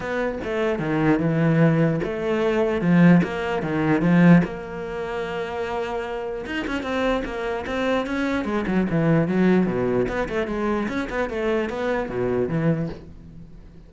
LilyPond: \new Staff \with { instrumentName = "cello" } { \time 4/4 \tempo 4 = 149 b4 a4 dis4 e4~ | e4 a2 f4 | ais4 dis4 f4 ais4~ | ais1 |
dis'8 cis'8 c'4 ais4 c'4 | cis'4 gis8 fis8 e4 fis4 | b,4 b8 a8 gis4 cis'8 b8 | a4 b4 b,4 e4 | }